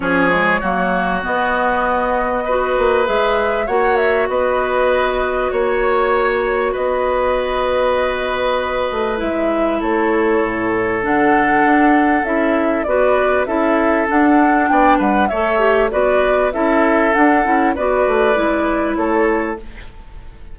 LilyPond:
<<
  \new Staff \with { instrumentName = "flute" } { \time 4/4 \tempo 4 = 98 cis''2 dis''2~ | dis''4 e''4 fis''8 e''8 dis''4~ | dis''4 cis''2 dis''4~ | dis''2. e''4 |
cis''2 fis''2 | e''4 d''4 e''4 fis''4 | g''8 fis''8 e''4 d''4 e''4 | fis''4 d''2 cis''4 | }
  \new Staff \with { instrumentName = "oboe" } { \time 4/4 gis'4 fis'2. | b'2 cis''4 b'4~ | b'4 cis''2 b'4~ | b'1 |
a'1~ | a'4 b'4 a'2 | d''8 b'8 cis''4 b'4 a'4~ | a'4 b'2 a'4 | }
  \new Staff \with { instrumentName = "clarinet" } { \time 4/4 cis'8 gis8 ais4 b2 | fis'4 gis'4 fis'2~ | fis'1~ | fis'2. e'4~ |
e'2 d'2 | e'4 fis'4 e'4 d'4~ | d'4 a'8 g'8 fis'4 e'4 | d'8 e'8 fis'4 e'2 | }
  \new Staff \with { instrumentName = "bassoon" } { \time 4/4 f4 fis4 b2~ | b8 ais8 gis4 ais4 b4~ | b4 ais2 b4~ | b2~ b8 a8 gis4 |
a4 a,4 d4 d'4 | cis'4 b4 cis'4 d'4 | b8 g8 a4 b4 cis'4 | d'8 cis'8 b8 a8 gis4 a4 | }
>>